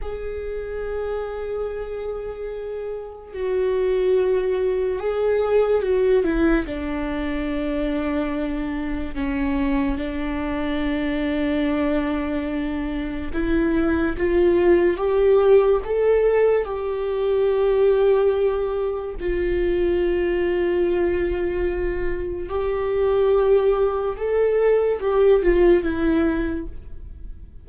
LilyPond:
\new Staff \with { instrumentName = "viola" } { \time 4/4 \tempo 4 = 72 gis'1 | fis'2 gis'4 fis'8 e'8 | d'2. cis'4 | d'1 |
e'4 f'4 g'4 a'4 | g'2. f'4~ | f'2. g'4~ | g'4 a'4 g'8 f'8 e'4 | }